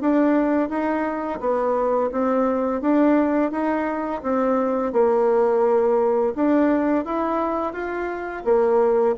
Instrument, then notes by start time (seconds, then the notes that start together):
bassoon
0.00 D4
0.69 D#4
1.40 B3
2.12 C4
2.81 D4
3.51 D#4
4.22 C4
4.92 A#3
6.35 D4
7.05 E4
7.73 F4
8.44 A#3